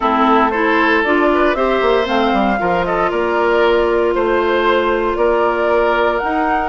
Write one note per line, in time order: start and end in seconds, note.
0.00 1.05 A3
0.00 0.52 C4
0.00 0.51 E4
0.00 0.51 A4
0.51 1.05 E4
0.51 1.28 A4
0.51 1.02 C5
1.03 1.54 D4
1.03 1.56 F4
1.03 1.55 D5
1.34 1.56 B4
1.54 1.80 C4
1.54 2.04 G4
1.54 2.59 C5
1.54 2.06 E5
1.81 2.07 A#3
2.04 2.32 A3
2.04 2.56 C4
2.04 2.84 F5
2.32 2.58 G3
2.58 3.11 F3
2.58 6.20 F4
2.58 2.85 A#4
2.84 3.10 A4
2.84 3.10 D#5
3.10 4.15 A#3
3.10 4.13 A#4
3.10 4.14 D5
4.14 5.16 A3
4.14 5.15 C5
4.14 5.18 C5
5.15 6.20 A#3
5.15 6.69 A#4
5.15 6.18 D5
6.18 6.69 D#4
6.18 6.69 F#5